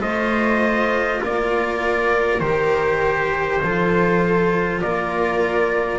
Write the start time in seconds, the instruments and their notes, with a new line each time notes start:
0.00 double bass A3, cello F4, viola C5, trumpet D#5
1.21 double bass A#3, viola A#4, trumpet D5
2.40 double bass D#3, cello G4, trumpet C5
3.62 double bass F3, cello F4, viola A4
4.81 double bass A#3, viola A#4, trumpet D5